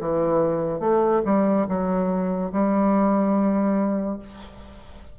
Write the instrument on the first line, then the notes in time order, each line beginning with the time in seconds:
bassoon
0.00 E3
0.80 A3
1.25 G3
1.68 F#3
2.52 G3